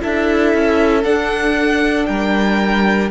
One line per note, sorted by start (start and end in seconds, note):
0.00 0.54 D4
0.00 1.03 E4
0.00 2.09 A4
0.00 1.04 E5
0.54 1.05 C#4
1.04 2.08 D4
1.04 3.11 D4
1.04 2.06 F#5
2.06 3.11 G3
2.06 3.11 A#4
2.06 3.10 G5